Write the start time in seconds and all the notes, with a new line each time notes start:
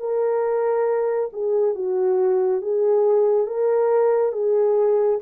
0.00 A#4
1.33 G#4
1.75 F#4
2.62 G#4
3.47 A#4
4.33 G#4